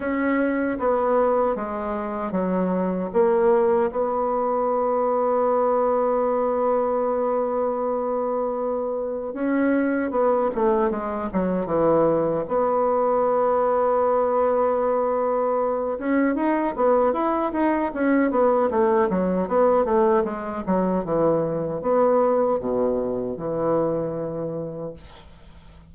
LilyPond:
\new Staff \with { instrumentName = "bassoon" } { \time 4/4 \tempo 4 = 77 cis'4 b4 gis4 fis4 | ais4 b2.~ | b1 | cis'4 b8 a8 gis8 fis8 e4 |
b1~ | b8 cis'8 dis'8 b8 e'8 dis'8 cis'8 b8 | a8 fis8 b8 a8 gis8 fis8 e4 | b4 b,4 e2 | }